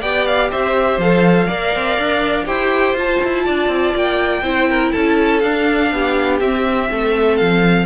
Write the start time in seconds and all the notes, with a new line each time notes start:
0.00 B3 G4 D5 G5
0.26 F5
0.51 C4 C5 E5
0.97 F3 A4 F5
1.47 A#3 A#4 D5
1.75 C4
1.98 D4
2.45 E4 G4 C5 G5
2.94 F4 A5
3.24 E4
3.44 D4 D5
3.67 C4
3.95 A#3 G5
4.42 C4 E4 C5
4.69 A#4
4.92 C#4 A4 A5
5.40 D4 F5
5.91 B3 G4
6.40 C4 E5
6.90 A3 A4
7.37 F3 F5